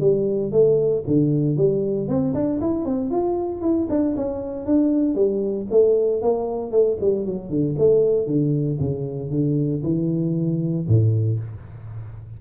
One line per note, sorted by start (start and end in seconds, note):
0.00 0.51 G3
0.51 1.03 A3
1.07 1.56 D3
1.56 2.08 G3
2.08 2.33 C4
2.34 2.60 D4
2.60 2.85 E4
2.85 3.10 C4
3.10 3.61 F4
3.61 3.87 E4
3.89 4.15 D4
4.16 4.66 C#4
4.66 5.15 D4
5.15 5.66 G3
5.70 6.21 A3
6.21 6.71 A#3
6.71 6.97 A3
7.00 7.25 G3
7.25 7.49 F#3
7.49 7.75 D3
7.78 8.26 A3
8.26 8.78 D3
8.79 9.30 C#3
9.30 9.82 D3
9.83 10.86 E3
10.87 11.39 A2